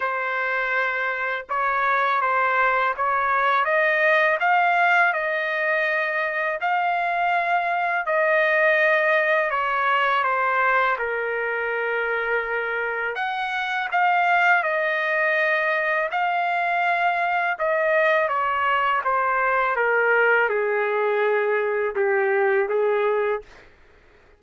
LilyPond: \new Staff \with { instrumentName = "trumpet" } { \time 4/4 \tempo 4 = 82 c''2 cis''4 c''4 | cis''4 dis''4 f''4 dis''4~ | dis''4 f''2 dis''4~ | dis''4 cis''4 c''4 ais'4~ |
ais'2 fis''4 f''4 | dis''2 f''2 | dis''4 cis''4 c''4 ais'4 | gis'2 g'4 gis'4 | }